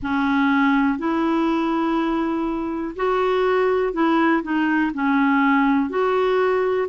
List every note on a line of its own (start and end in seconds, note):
0.02 0.98 C#4
0.98 2.95 E4
2.96 3.93 F#4
3.93 4.42 E4
4.42 4.91 D#4
4.94 5.89 C#4
5.89 6.88 F#4